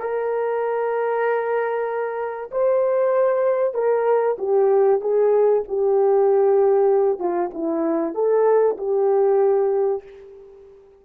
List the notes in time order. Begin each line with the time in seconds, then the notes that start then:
0.00 A#4
2.51 C5
3.74 A#4
4.38 G4
5.00 G#4
5.68 G4
7.19 F4
7.53 E4
8.14 A4
8.77 G4